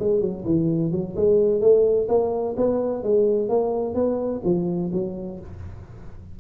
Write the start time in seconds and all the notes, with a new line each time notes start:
0.00 G#3
0.22 F#3
0.45 E3
0.92 F#3
1.16 G#3
1.62 A3
2.09 A#3
2.57 B3
3.04 G#3
3.49 A#3
3.95 B3
4.45 F3
4.93 F#3